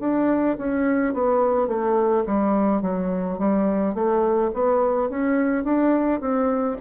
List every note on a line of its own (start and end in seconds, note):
0.00 0.57 D4
0.58 1.14 C#4
1.14 1.68 B3
1.68 2.24 A3
2.26 2.81 G3
2.81 3.38 F#3
3.39 3.94 G3
3.94 4.51 A3
4.54 5.09 B3
5.09 5.64 C#4
5.64 6.20 D4
6.20 6.77 C4